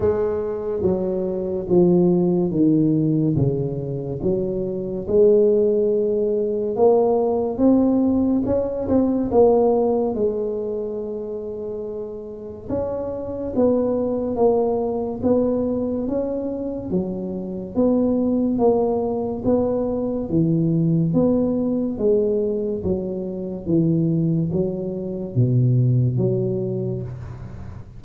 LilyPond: \new Staff \with { instrumentName = "tuba" } { \time 4/4 \tempo 4 = 71 gis4 fis4 f4 dis4 | cis4 fis4 gis2 | ais4 c'4 cis'8 c'8 ais4 | gis2. cis'4 |
b4 ais4 b4 cis'4 | fis4 b4 ais4 b4 | e4 b4 gis4 fis4 | e4 fis4 b,4 fis4 | }